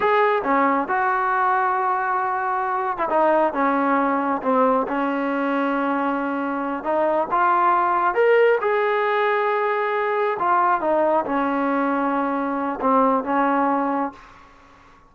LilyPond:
\new Staff \with { instrumentName = "trombone" } { \time 4/4 \tempo 4 = 136 gis'4 cis'4 fis'2~ | fis'2~ fis'8. e'16 dis'4 | cis'2 c'4 cis'4~ | cis'2.~ cis'8 dis'8~ |
dis'8 f'2 ais'4 gis'8~ | gis'2.~ gis'8 f'8~ | f'8 dis'4 cis'2~ cis'8~ | cis'4 c'4 cis'2 | }